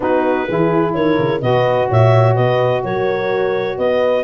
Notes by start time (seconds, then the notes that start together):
0.00 B3 D#4 F#4 B4
0.48 E3 E4 G#4
0.93 D#3 A#4 C#5
1.18 C#3
1.40 B2 F#4 B4 D#5
1.88 A#2 C#5 E5
2.35 B2 B4 D#5
2.83 F#3 A#4 C#5
3.77 B3 B4 D#5